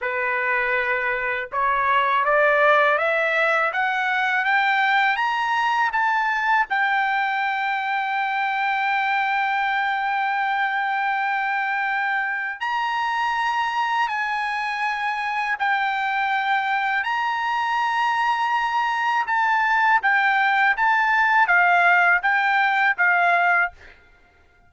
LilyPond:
\new Staff \with { instrumentName = "trumpet" } { \time 4/4 \tempo 4 = 81 b'2 cis''4 d''4 | e''4 fis''4 g''4 ais''4 | a''4 g''2.~ | g''1~ |
g''4 ais''2 gis''4~ | gis''4 g''2 ais''4~ | ais''2 a''4 g''4 | a''4 f''4 g''4 f''4 | }